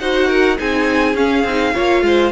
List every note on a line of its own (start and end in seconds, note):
0.00 0.58 D#4
0.00 0.57 F#4
0.00 0.28 C5
0.00 0.58 F#5
0.28 0.58 A#4
0.57 1.15 C4
0.57 1.15 D#4
0.57 1.75 G#4
0.57 1.17 G#5
1.15 1.44 C#4
1.15 1.46 C#4
1.15 2.32 F5
1.44 1.73 C4
1.44 1.75 D#4
1.75 2.02 A#3
1.75 2.32 F4
1.75 2.04 C#5
2.02 2.31 G#3
2.02 2.32 C5